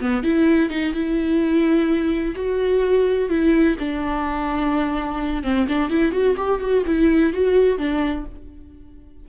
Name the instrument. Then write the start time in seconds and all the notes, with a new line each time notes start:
viola
0.00 B3
0.23 E4
0.70 D#4
0.93 E4
2.36 F#4
3.29 E4
3.79 D4
5.43 C4
5.68 D4
5.89 E4
6.12 F#4
6.37 G4
6.60 F#4
6.86 E4
7.33 F#4
7.78 D4